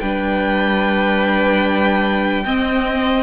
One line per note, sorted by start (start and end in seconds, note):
0.00 2.45 G3
0.00 2.45 D4
0.00 2.44 B4
0.00 3.23 G5
2.45 3.23 C4
2.45 3.23 D#5